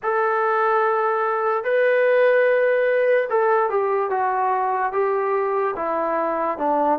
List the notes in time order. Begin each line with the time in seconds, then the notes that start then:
0.03 A4
1.64 B4
3.29 A4
3.69 G4
4.10 F#4
4.92 G4
5.76 E4
6.58 D4